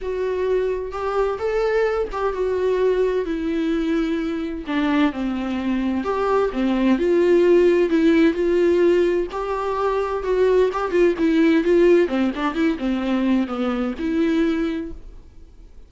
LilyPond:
\new Staff \with { instrumentName = "viola" } { \time 4/4 \tempo 4 = 129 fis'2 g'4 a'4~ | a'8 g'8 fis'2 e'4~ | e'2 d'4 c'4~ | c'4 g'4 c'4 f'4~ |
f'4 e'4 f'2 | g'2 fis'4 g'8 f'8 | e'4 f'4 c'8 d'8 e'8 c'8~ | c'4 b4 e'2 | }